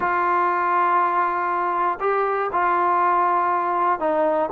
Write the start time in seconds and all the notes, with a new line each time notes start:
0.00 F4
2.00 G4
2.52 F4
3.99 D#4